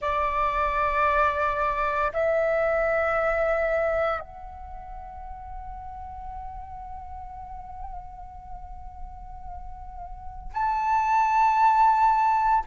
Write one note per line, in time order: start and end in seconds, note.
0.01 2.11 D5
2.13 4.20 E5
4.20 10.51 F#5
10.53 12.64 A5